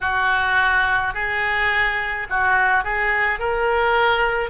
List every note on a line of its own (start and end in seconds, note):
0.00 1.13 F#4
1.14 2.27 G#4
2.30 2.84 F#4
2.84 3.39 G#4
3.39 4.50 A#4